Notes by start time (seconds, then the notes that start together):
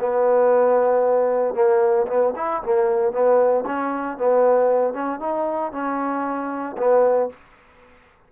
0.00 B3
1.54 A#3
2.07 B3
2.36 E4
2.63 A#3
3.12 B3
3.66 C#4
4.18 B3
4.94 C#4
5.20 D#4
5.72 C#4
6.78 B3